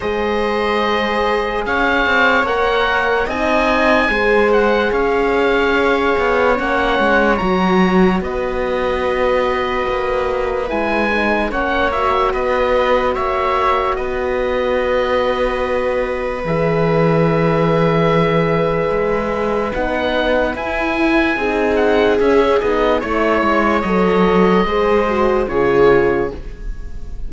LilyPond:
<<
  \new Staff \with { instrumentName = "oboe" } { \time 4/4 \tempo 4 = 73 dis''2 f''4 fis''4 | gis''4. fis''8 f''2 | fis''4 ais''4 dis''2~ | dis''4 gis''4 fis''8 e''8 dis''4 |
e''4 dis''2. | e''1 | fis''4 gis''4. fis''8 e''8 dis''8 | cis''4 dis''2 cis''4 | }
  \new Staff \with { instrumentName = "viola" } { \time 4/4 c''2 cis''2 | dis''4 c''4 cis''2~ | cis''2 b'2~ | b'2 cis''4 b'4 |
cis''4 b'2.~ | b'1~ | b'2 gis'2 | cis''2 c''4 gis'4 | }
  \new Staff \with { instrumentName = "horn" } { \time 4/4 gis'2. ais'4 | dis'4 gis'2. | cis'4 fis'2.~ | fis'4 e'8 dis'8 cis'8 fis'4.~ |
fis'1 | gis'1 | dis'4 e'4 dis'4 cis'8 dis'8 | e'4 a'4 gis'8 fis'8 f'4 | }
  \new Staff \with { instrumentName = "cello" } { \time 4/4 gis2 cis'8 c'8 ais4 | c'4 gis4 cis'4. b8 | ais8 gis8 fis4 b2 | ais4 gis4 ais4 b4 |
ais4 b2. | e2. gis4 | b4 e'4 c'4 cis'8 b8 | a8 gis8 fis4 gis4 cis4 | }
>>